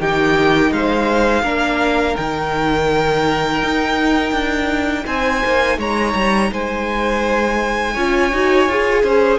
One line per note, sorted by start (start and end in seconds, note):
0.00 0.72 D#3
0.00 1.45 D#4
0.00 0.72 G4
0.00 0.73 G5
0.72 1.43 G#3
0.72 1.42 C5
0.72 2.16 F5
1.42 2.15 A#3
1.42 2.17 D4
1.42 5.04 A#4
2.16 3.63 D#3
2.16 7.95 D#4
2.16 5.06 G5
3.63 4.32 D#4
4.32 5.05 D4
5.06 5.43 C4
5.06 5.78 C5
5.06 5.79 G#5
5.45 5.78 A#3
5.78 6.14 G#3
5.78 6.51 C#5
5.78 6.53 A#5
6.15 6.51 G3
6.52 7.97 G#3
6.52 7.94 C5
6.52 9.39 G#5
7.94 8.33 C#4
7.94 8.32 F4
7.94 9.03 C#5
8.33 8.69 D#4
8.33 8.69 F#4
8.69 9.04 F4
8.69 9.39 G#4
9.03 9.39 C#4
9.03 9.39 C5